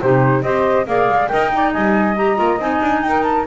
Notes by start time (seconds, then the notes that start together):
0.00 C3 D#4 G4 C5
0.42 C4 G4 C5 D#5
0.85 A#3 G#4 D5 F5
1.08 G#3
1.28 D#4 A#4 D#5 G5
1.52 D#4 D5
1.72 G3 D#5 G#5
2.15 G4 A#5
2.36 A#3 F4
2.58 C4 D#4 G#5
2.81 D4
3.02 D#4 A#4 G5
3.23 A5